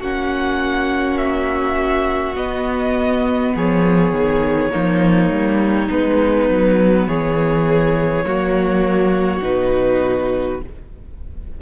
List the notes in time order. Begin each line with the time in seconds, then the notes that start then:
0.00 A#3 C#4 F#4 F#5
1.18 E5
2.36 B3 D#5
3.56 F3 G#4 C#5
4.12 D#3
4.71 F3 A#3 D#4
5.30 G3
5.90 G#3 B3 B4
6.49 F#3
7.08 E3 G#4 C#5
8.25 F#3 A#3 F#4
9.42 B2 D#4 B4